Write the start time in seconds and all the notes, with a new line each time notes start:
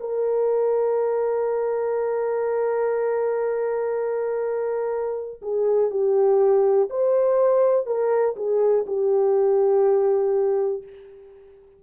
0.00 A#4
5.42 G#4
5.91 G4
6.89 C5
7.86 A#4
8.36 G#4
8.86 G4